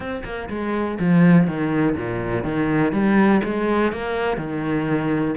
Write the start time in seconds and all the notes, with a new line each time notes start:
0.00 C4
0.24 A#3
0.49 G#3
0.99 F3
1.47 D#3
1.96 A#2
2.43 D#3
2.92 G3
3.44 G#3
3.92 A#3
4.37 D#3